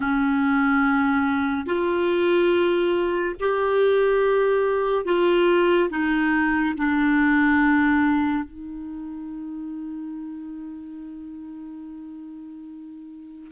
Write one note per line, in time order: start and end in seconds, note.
0.00 1.66 C#4
1.66 3.35 F4
3.40 5.05 G4
5.05 5.89 F4
5.90 6.74 D#4
6.77 8.44 D4
8.44 13.51 D#4